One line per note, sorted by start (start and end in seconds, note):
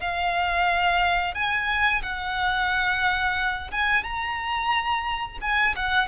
0.00 1.34 F5
1.34 2.02 G#5
2.02 3.70 F#5
3.71 4.03 G#5
4.03 5.38 A#5
5.41 5.75 G#5
5.76 6.08 F#5